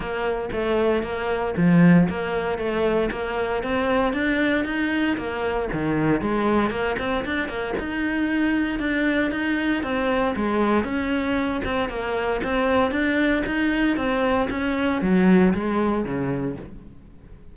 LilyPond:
\new Staff \with { instrumentName = "cello" } { \time 4/4 \tempo 4 = 116 ais4 a4 ais4 f4 | ais4 a4 ais4 c'4 | d'4 dis'4 ais4 dis4 | gis4 ais8 c'8 d'8 ais8 dis'4~ |
dis'4 d'4 dis'4 c'4 | gis4 cis'4. c'8 ais4 | c'4 d'4 dis'4 c'4 | cis'4 fis4 gis4 cis4 | }